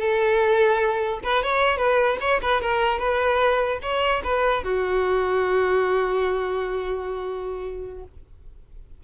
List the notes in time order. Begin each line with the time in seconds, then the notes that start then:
0.00 A4
1.24 B4
1.43 C#5
1.78 B4
2.21 C#5
2.42 B4
2.62 A#4
2.99 B4
3.82 C#5
4.24 B4
4.64 F#4